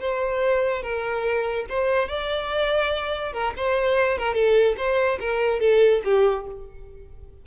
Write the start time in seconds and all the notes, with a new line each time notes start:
0.00 C5
0.82 A#4
1.69 C5
2.08 D5
3.33 A#4
3.57 C5
4.18 A#4
4.34 A4
4.77 C5
5.20 A#4
5.60 A4
6.05 G4